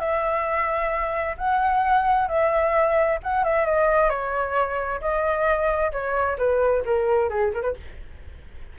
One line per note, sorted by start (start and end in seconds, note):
0.00 1.36 E5
1.38 2.28 F#5
2.28 3.19 E5
3.24 3.44 F#5
3.44 3.66 E5
3.66 4.10 D#5
4.10 5.01 C#5
5.01 5.92 D#5
5.92 6.38 C#5
6.38 6.84 B4
6.86 7.30 A#4
7.30 7.53 G#4
7.54 7.63 A#4
7.63 7.74 B4